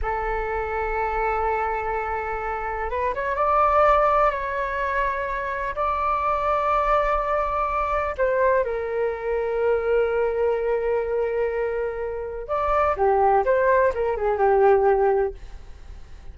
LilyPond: \new Staff \with { instrumentName = "flute" } { \time 4/4 \tempo 4 = 125 a'1~ | a'2 b'8 cis''8 d''4~ | d''4 cis''2. | d''1~ |
d''4 c''4 ais'2~ | ais'1~ | ais'2 d''4 g'4 | c''4 ais'8 gis'8 g'2 | }